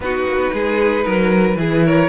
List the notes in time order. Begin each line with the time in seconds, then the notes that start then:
0.00 B3 D#4 F#4 B4
0.26 A#3
0.37 B3
0.53 G#3 G#4
1.04 F#3 A#4
1.55 E3 E4 G#4
1.85 A#4 C#5